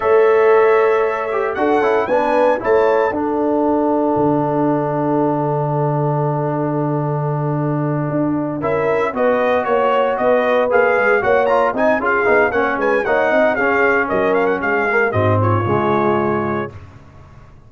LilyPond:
<<
  \new Staff \with { instrumentName = "trumpet" } { \time 4/4 \tempo 4 = 115 e''2. fis''4 | gis''4 a''4 fis''2~ | fis''1~ | fis''1~ |
fis''8 e''4 dis''4 cis''4 dis''8~ | dis''8 f''4 fis''8 ais''8 gis''8 f''4 | fis''8 gis''8 fis''4 f''4 dis''8 f''16 fis''16 | f''4 dis''8 cis''2~ cis''8 | }
  \new Staff \with { instrumentName = "horn" } { \time 4/4 cis''2. a'4 | b'4 cis''4 a'2~ | a'1~ | a'1~ |
a'8 ais'4 b'4 cis''4 b'8~ | b'4. cis''4 dis''8 gis'4 | ais'16 cis''16 b'8 cis''8 dis''8 gis'4 ais'4 | gis'4 fis'8 f'2~ f'8 | }
  \new Staff \with { instrumentName = "trombone" } { \time 4/4 a'2~ a'8 g'8 fis'8 e'8 | d'4 e'4 d'2~ | d'1~ | d'1~ |
d'8 e'4 fis'2~ fis'8~ | fis'8 gis'4 fis'8 f'8 dis'8 f'8 dis'8 | cis'4 dis'4 cis'2~ | cis'8 ais8 c'4 gis2 | }
  \new Staff \with { instrumentName = "tuba" } { \time 4/4 a2. d'8 cis'8 | b4 a4 d'2 | d1~ | d2.~ d8 d'8~ |
d'8 cis'4 b4 ais4 b8~ | b8 ais8 gis8 ais4 c'8 cis'8 b8 | ais8 gis8 ais8 c'8 cis'4 fis4 | gis4 gis,4 cis2 | }
>>